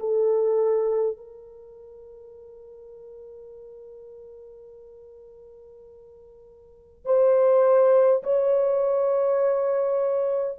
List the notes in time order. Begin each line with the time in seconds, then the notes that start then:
0.00 A4
1.17 A#4
7.05 C5
8.23 C#5